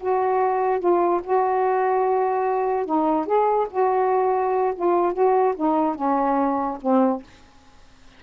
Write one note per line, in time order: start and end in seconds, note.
0.00 0.80 F#4
0.80 1.21 F4
1.24 2.86 F#4
2.86 3.26 D#4
3.26 3.67 G#4
3.71 4.74 F#4
4.75 5.13 F4
5.13 5.54 F#4
5.56 5.95 D#4
5.95 6.78 C#4
6.81 7.23 C4